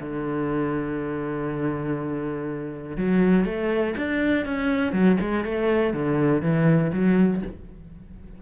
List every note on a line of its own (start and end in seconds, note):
0.00 2.97 D3
2.97 3.45 F#3
3.45 3.94 A3
3.97 4.46 D4
4.46 4.93 C#4
4.93 5.18 F#3
5.21 5.45 G#3
5.45 5.93 A3
5.93 6.42 D3
6.42 6.91 E3
6.93 7.42 F#3